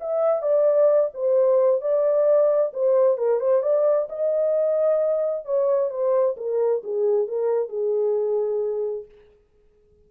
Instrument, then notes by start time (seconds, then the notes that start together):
horn
0.00 E5
0.42 D5
1.14 C5
1.81 D5
2.73 C5
3.18 A#4
3.39 C5
3.62 D5
4.09 D#5
5.45 C#5
5.90 C5
6.37 A#4
6.83 G#4
7.27 A#4
7.68 G#4